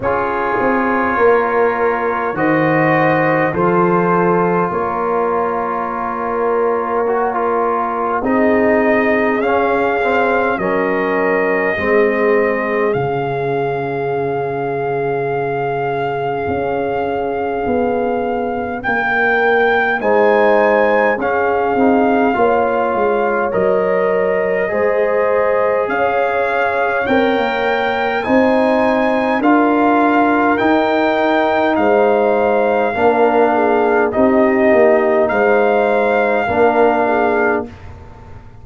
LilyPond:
<<
  \new Staff \with { instrumentName = "trumpet" } { \time 4/4 \tempo 4 = 51 cis''2 dis''4 c''4 | cis''2. dis''4 | f''4 dis''2 f''4~ | f''1 |
g''4 gis''4 f''2 | dis''2 f''4 g''4 | gis''4 f''4 g''4 f''4~ | f''4 dis''4 f''2 | }
  \new Staff \with { instrumentName = "horn" } { \time 4/4 gis'4 ais'4 c''4 a'4 | ais'2. gis'4~ | gis'4 ais'4 gis'2~ | gis'1 |
ais'4 c''4 gis'4 cis''4~ | cis''4 c''4 cis''2 | c''4 ais'2 c''4 | ais'8 gis'8 g'4 c''4 ais'8 gis'8 | }
  \new Staff \with { instrumentName = "trombone" } { \time 4/4 f'2 fis'4 f'4~ | f'2 fis'16 f'8. dis'4 | cis'8 c'8 cis'4 c'4 cis'4~ | cis'1~ |
cis'4 dis'4 cis'8 dis'8 f'4 | ais'4 gis'2 ais'4 | dis'4 f'4 dis'2 | d'4 dis'2 d'4 | }
  \new Staff \with { instrumentName = "tuba" } { \time 4/4 cis'8 c'8 ais4 dis4 f4 | ais2. c'4 | cis'4 fis4 gis4 cis4~ | cis2 cis'4 b4 |
ais4 gis4 cis'8 c'8 ais8 gis8 | fis4 gis4 cis'4 c'16 ais8. | c'4 d'4 dis'4 gis4 | ais4 c'8 ais8 gis4 ais4 | }
>>